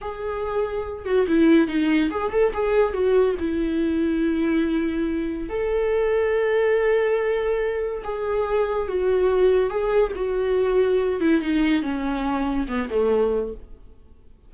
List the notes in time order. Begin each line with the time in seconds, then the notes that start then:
0.01 G#4
1.05 F#4
1.27 E4
1.67 D#4
2.10 G#4
2.31 A4
2.53 G#4
2.93 F#4
3.39 E4
5.49 A4
8.04 G#4
8.88 F#4
9.70 G#4
10.15 F#4
11.20 E4
11.41 D#4
11.82 C#4
12.68 B3
12.90 A3